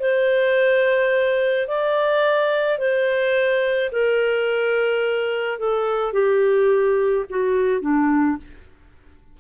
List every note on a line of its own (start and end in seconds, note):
0.00 1.68 C5
1.68 2.79 D5
2.79 3.91 C5
3.92 5.59 A#4
5.59 6.14 A4
6.14 7.26 G4
7.30 7.82 F#4
7.82 8.38 D4